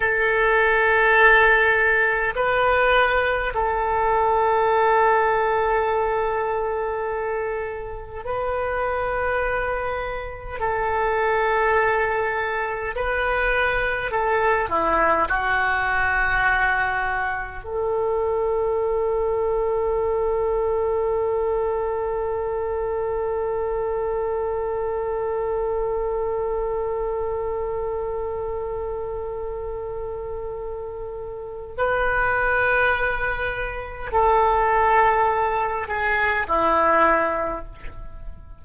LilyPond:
\new Staff \with { instrumentName = "oboe" } { \time 4/4 \tempo 4 = 51 a'2 b'4 a'4~ | a'2. b'4~ | b'4 a'2 b'4 | a'8 e'8 fis'2 a'4~ |
a'1~ | a'1~ | a'2. b'4~ | b'4 a'4. gis'8 e'4 | }